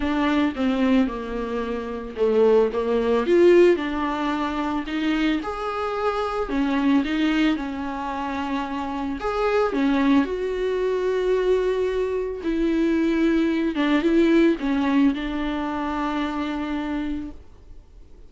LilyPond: \new Staff \with { instrumentName = "viola" } { \time 4/4 \tempo 4 = 111 d'4 c'4 ais2 | a4 ais4 f'4 d'4~ | d'4 dis'4 gis'2 | cis'4 dis'4 cis'2~ |
cis'4 gis'4 cis'4 fis'4~ | fis'2. e'4~ | e'4. d'8 e'4 cis'4 | d'1 | }